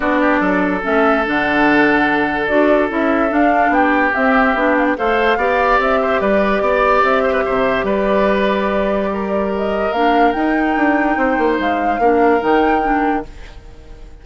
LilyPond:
<<
  \new Staff \with { instrumentName = "flute" } { \time 4/4 \tempo 4 = 145 d''2 e''4 fis''4~ | fis''2 d''4 e''4 | f''4 g''4 e''4. f''16 g''16 | f''2 e''4 d''4~ |
d''4 e''2 d''4~ | d''2. dis''4 | f''4 g''2. | f''2 g''2 | }
  \new Staff \with { instrumentName = "oboe" } { \time 4/4 fis'8 g'8 a'2.~ | a'1~ | a'4 g'2. | c''4 d''4. c''8 b'4 |
d''4. c''16 b'16 c''4 b'4~ | b'2 ais'2~ | ais'2. c''4~ | c''4 ais'2. | }
  \new Staff \with { instrumentName = "clarinet" } { \time 4/4 d'2 cis'4 d'4~ | d'2 fis'4 e'4 | d'2 c'4 d'4 | a'4 g'2.~ |
g'1~ | g'1 | d'4 dis'2.~ | dis'4 d'4 dis'4 d'4 | }
  \new Staff \with { instrumentName = "bassoon" } { \time 4/4 b4 fis4 a4 d4~ | d2 d'4 cis'4 | d'4 b4 c'4 b4 | a4 b4 c'4 g4 |
b4 c'4 c4 g4~ | g1 | ais4 dis'4 d'4 c'8 ais8 | gis4 ais4 dis2 | }
>>